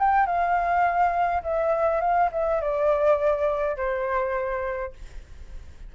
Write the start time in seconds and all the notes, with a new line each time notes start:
0.00 G5
0.26 F5
1.43 E5
2.01 F5
2.32 E5
2.61 D5
3.77 C5